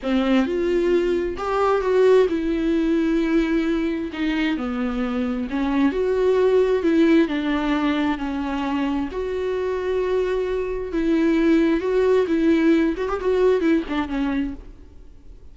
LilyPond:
\new Staff \with { instrumentName = "viola" } { \time 4/4 \tempo 4 = 132 c'4 f'2 g'4 | fis'4 e'2.~ | e'4 dis'4 b2 | cis'4 fis'2 e'4 |
d'2 cis'2 | fis'1 | e'2 fis'4 e'4~ | e'8 fis'16 g'16 fis'4 e'8 d'8 cis'4 | }